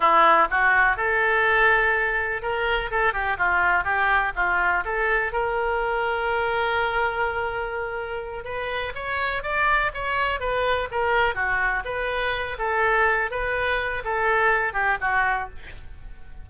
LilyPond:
\new Staff \with { instrumentName = "oboe" } { \time 4/4 \tempo 4 = 124 e'4 fis'4 a'2~ | a'4 ais'4 a'8 g'8 f'4 | g'4 f'4 a'4 ais'4~ | ais'1~ |
ais'4. b'4 cis''4 d''8~ | d''8 cis''4 b'4 ais'4 fis'8~ | fis'8 b'4. a'4. b'8~ | b'4 a'4. g'8 fis'4 | }